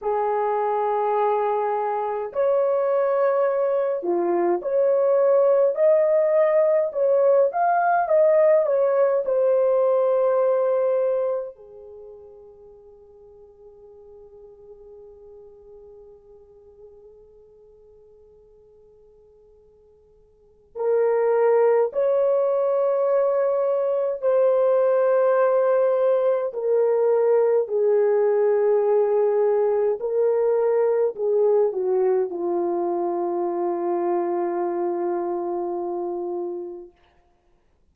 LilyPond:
\new Staff \with { instrumentName = "horn" } { \time 4/4 \tempo 4 = 52 gis'2 cis''4. f'8 | cis''4 dis''4 cis''8 f''8 dis''8 cis''8 | c''2 gis'2~ | gis'1~ |
gis'2 ais'4 cis''4~ | cis''4 c''2 ais'4 | gis'2 ais'4 gis'8 fis'8 | f'1 | }